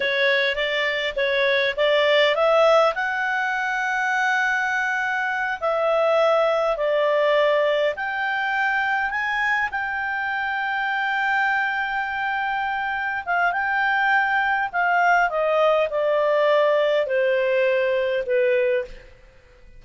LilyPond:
\new Staff \with { instrumentName = "clarinet" } { \time 4/4 \tempo 4 = 102 cis''4 d''4 cis''4 d''4 | e''4 fis''2.~ | fis''4. e''2 d''8~ | d''4. g''2 gis''8~ |
gis''8 g''2.~ g''8~ | g''2~ g''8 f''8 g''4~ | g''4 f''4 dis''4 d''4~ | d''4 c''2 b'4 | }